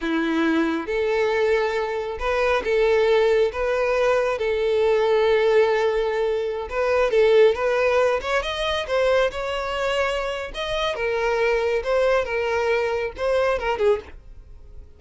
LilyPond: \new Staff \with { instrumentName = "violin" } { \time 4/4 \tempo 4 = 137 e'2 a'2~ | a'4 b'4 a'2 | b'2 a'2~ | a'2.~ a'16 b'8.~ |
b'16 a'4 b'4. cis''8 dis''8.~ | dis''16 c''4 cis''2~ cis''8. | dis''4 ais'2 c''4 | ais'2 c''4 ais'8 gis'8 | }